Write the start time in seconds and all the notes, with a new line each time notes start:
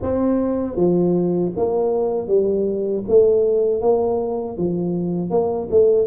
0.02 C4
0.76 F3
1.56 A#3
2.28 G3
3.08 A3
3.81 A#3
4.57 F3
5.30 A#3
5.70 A3